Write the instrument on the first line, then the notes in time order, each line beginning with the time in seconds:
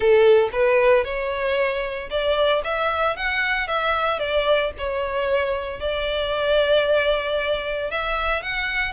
violin
0.00 A4
0.52 B4
1.04 C#5
2.10 D5
2.64 E5
3.16 F#5
3.67 E5
4.19 D5
4.78 C#5
5.80 D5
7.91 E5
8.42 F#5